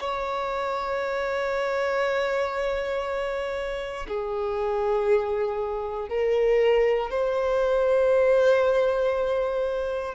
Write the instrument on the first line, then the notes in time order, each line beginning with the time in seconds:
violin
0.00 C#5
4.07 G#4
6.09 A#4
7.10 C5